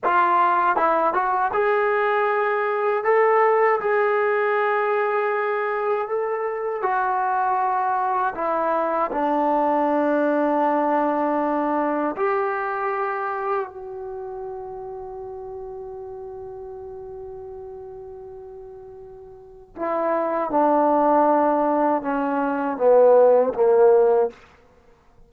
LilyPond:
\new Staff \with { instrumentName = "trombone" } { \time 4/4 \tempo 4 = 79 f'4 e'8 fis'8 gis'2 | a'4 gis'2. | a'4 fis'2 e'4 | d'1 |
g'2 fis'2~ | fis'1~ | fis'2 e'4 d'4~ | d'4 cis'4 b4 ais4 | }